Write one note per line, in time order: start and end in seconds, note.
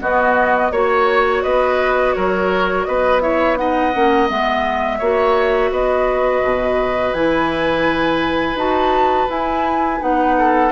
0.00 0.71 B3
0.00 0.72 F#4
0.00 0.72 D#5
0.71 1.42 A#3
0.71 3.21 F#4
0.71 1.43 C#5
0.71 1.42 C#5
1.42 2.15 B3
1.42 2.14 B4
1.42 2.13 D#5
2.13 2.87 F#3
2.13 2.87 A#4
2.13 2.83 C#5
2.83 3.94 B3
2.83 3.22 B4
2.83 3.19 D#5
3.20 3.56 E4
3.20 3.58 C#5
3.20 3.56 E5
3.56 3.92 D#4
3.56 4.98 D#5
3.56 4.28 F#5
3.93 4.30 A#3
3.93 4.28 C#4
4.28 5.00 G#3
4.28 4.99 B3
4.28 5.72 E5
4.98 5.71 A#3
4.98 7.15 F#4
4.98 5.69 C#5
5.71 6.42 B3
5.71 10.36 B4
5.71 7.13 D#5
6.43 7.13 B2
7.13 8.55 E3
7.13 8.56 E4
7.13 8.56 G#5
8.55 9.26 D#4
8.55 9.28 F#4
8.55 9.29 A5
9.28 10.00 E4
9.28 10.01 E4
9.28 10.01 G#5
10.00 10.71 B3
10.00 10.71 D#4
10.00 10.71 F#5
10.38 10.71 A4